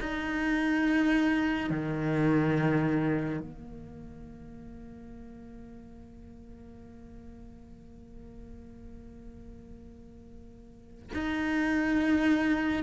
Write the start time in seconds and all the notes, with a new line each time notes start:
0.00 D#4
1.70 D#3
3.40 A#3
11.14 D#4